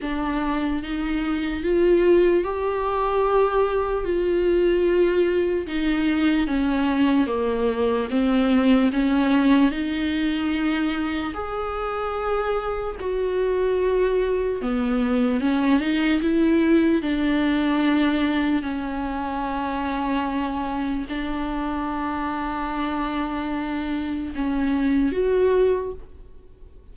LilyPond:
\new Staff \with { instrumentName = "viola" } { \time 4/4 \tempo 4 = 74 d'4 dis'4 f'4 g'4~ | g'4 f'2 dis'4 | cis'4 ais4 c'4 cis'4 | dis'2 gis'2 |
fis'2 b4 cis'8 dis'8 | e'4 d'2 cis'4~ | cis'2 d'2~ | d'2 cis'4 fis'4 | }